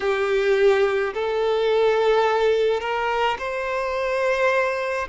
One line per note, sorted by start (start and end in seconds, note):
0.00 1.13 G4
1.14 2.80 A4
2.80 3.37 A#4
3.38 5.08 C5